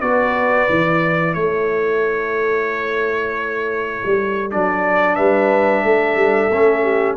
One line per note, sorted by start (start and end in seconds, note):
0.00 0.68 B3
0.00 0.68 F#4
0.00 1.36 B4
0.00 1.33 D5
0.68 1.35 E3
0.68 4.51 E4
1.33 4.01 A3
1.33 5.16 A4
1.33 4.50 C#5
4.05 4.53 G3
4.51 5.18 F#3
4.51 6.51 D4
4.51 5.15 D5
5.15 5.83 G3
5.15 5.82 B4
5.15 7.15 E5
5.83 6.15 A3
5.83 6.83 A4
6.15 6.49 G3
6.50 7.16 A3
6.50 7.16 C#4
6.83 7.16 G4